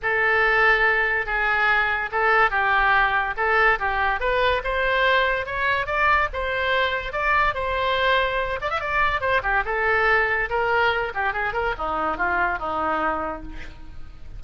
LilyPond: \new Staff \with { instrumentName = "oboe" } { \time 4/4 \tempo 4 = 143 a'2. gis'4~ | gis'4 a'4 g'2 | a'4 g'4 b'4 c''4~ | c''4 cis''4 d''4 c''4~ |
c''4 d''4 c''2~ | c''8 d''16 e''16 d''4 c''8 g'8 a'4~ | a'4 ais'4. g'8 gis'8 ais'8 | dis'4 f'4 dis'2 | }